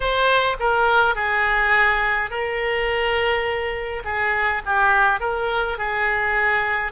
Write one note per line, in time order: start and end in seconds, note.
0.00 0.57 C5
0.59 1.15 A#4
1.15 2.30 G#4
2.30 4.03 A#4
4.04 4.62 G#4
4.65 5.20 G4
5.20 5.77 A#4
5.77 6.92 G#4